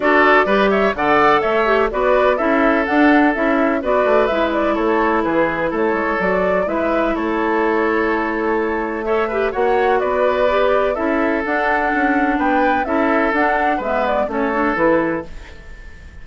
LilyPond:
<<
  \new Staff \with { instrumentName = "flute" } { \time 4/4 \tempo 4 = 126 d''4. e''8 fis''4 e''4 | d''4 e''4 fis''4 e''4 | d''4 e''8 d''8 cis''4 b'4 | cis''4 d''4 e''4 cis''4~ |
cis''2. e''4 | fis''4 d''2 e''4 | fis''2 g''4 e''4 | fis''4 e''8 d''8 cis''4 b'4 | }
  \new Staff \with { instrumentName = "oboe" } { \time 4/4 a'4 b'8 cis''8 d''4 cis''4 | b'4 a'2. | b'2 a'4 gis'4 | a'2 b'4 a'4~ |
a'2. cis''8 b'8 | cis''4 b'2 a'4~ | a'2 b'4 a'4~ | a'4 b'4 a'2 | }
  \new Staff \with { instrumentName = "clarinet" } { \time 4/4 fis'4 g'4 a'4. g'8 | fis'4 e'4 d'4 e'4 | fis'4 e'2.~ | e'4 fis'4 e'2~ |
e'2. a'8 g'8 | fis'2 g'4 e'4 | d'2. e'4 | d'4 b4 cis'8 d'8 e'4 | }
  \new Staff \with { instrumentName = "bassoon" } { \time 4/4 d'4 g4 d4 a4 | b4 cis'4 d'4 cis'4 | b8 a8 gis4 a4 e4 | a8 gis8 fis4 gis4 a4~ |
a1 | ais4 b2 cis'4 | d'4 cis'4 b4 cis'4 | d'4 gis4 a4 e4 | }
>>